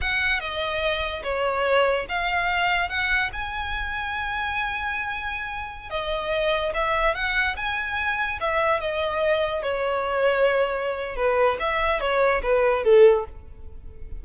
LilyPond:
\new Staff \with { instrumentName = "violin" } { \time 4/4 \tempo 4 = 145 fis''4 dis''2 cis''4~ | cis''4 f''2 fis''4 | gis''1~ | gis''2~ gis''16 dis''4.~ dis''16~ |
dis''16 e''4 fis''4 gis''4.~ gis''16~ | gis''16 e''4 dis''2 cis''8.~ | cis''2. b'4 | e''4 cis''4 b'4 a'4 | }